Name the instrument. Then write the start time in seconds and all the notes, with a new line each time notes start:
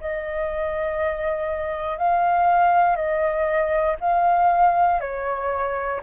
flute
0.00 D#5
1.98 F5
2.96 D#5
4.00 F5
5.00 C#5